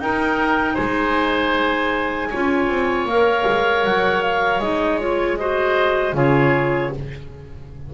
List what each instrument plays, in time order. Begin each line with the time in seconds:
0.00 double bass D#4, clarinet D#4 G5, oboe A#4
0.75 double bass G#3, oboe C5, clarinet G#5
2.31 double bass C#4, clarinet F4, oboe C#5
2.69 double bass C4
3.06 double bass A#3, clarinet A#4 F5
3.47 double bass G#3
3.85 double bass F#3, clarinet F#5
4.23 clarinet F5
4.60 double bass G#3, clarinet D#4 D#5
4.99 clarinet F4 C#5
5.38 clarinet F#4 D#5, oboe C5
6.13 double bass C#3, clarinet F4 C#5, oboe G#4